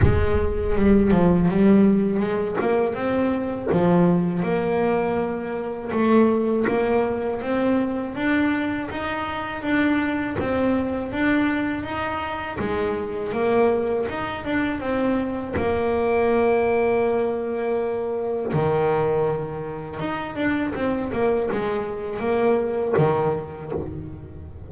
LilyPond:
\new Staff \with { instrumentName = "double bass" } { \time 4/4 \tempo 4 = 81 gis4 g8 f8 g4 gis8 ais8 | c'4 f4 ais2 | a4 ais4 c'4 d'4 | dis'4 d'4 c'4 d'4 |
dis'4 gis4 ais4 dis'8 d'8 | c'4 ais2.~ | ais4 dis2 dis'8 d'8 | c'8 ais8 gis4 ais4 dis4 | }